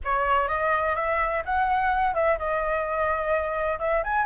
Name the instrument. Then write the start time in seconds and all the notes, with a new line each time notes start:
flute
0.04 C#5
0.48 D#5
0.95 E5
1.45 F#5
2.14 E5
2.38 D#5
3.79 E5
4.03 G#5